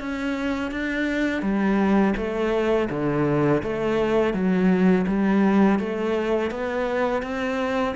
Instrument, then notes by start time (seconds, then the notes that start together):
cello
0.00 C#4
0.72 D4
1.42 G3
2.17 A3
2.90 D3
3.63 A3
4.34 F#3
5.07 G3
5.80 A3
6.51 B3
7.23 C4